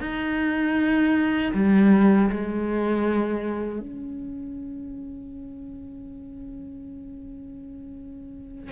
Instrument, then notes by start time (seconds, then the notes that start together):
cello
0.00 D#4
1.54 G3
2.30 G#3
3.80 C#4